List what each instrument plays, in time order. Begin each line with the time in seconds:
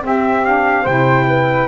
0.00 saxophone C4, double bass C4, flute G4, trumpet E5
0.45 saxophone D4, trumpet F5
0.83 double bass C3, saxophone E4, flute C5, trumpet G5
1.28 flute B4